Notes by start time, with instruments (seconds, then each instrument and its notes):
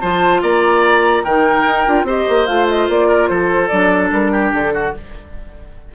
0.00 bassoon F3, clarinet F4, oboe C5, flute A5
0.42 bassoon A#3, oboe D5, flute A#5
1.23 bassoon D#3, clarinet D#4, oboe A#4, flute G5
1.65 bassoon D#4
1.86 bassoon D4, clarinet F4
2.03 bassoon C4, clarinet G4, oboe C5, flute D#5
2.29 bassoon A#3
2.46 bassoon A3, clarinet F4, flute F5
2.69 flute D#5
2.88 bassoon A#3, flute D5
3.08 oboe A#4
3.28 bassoon F3, oboe A4, flute C5
3.68 bassoon F#3, clarinet D4, flute D5
4.11 bassoon G3, flute A#4
4.32 oboe G4
4.52 bassoon D3, flute A4
4.73 oboe F#4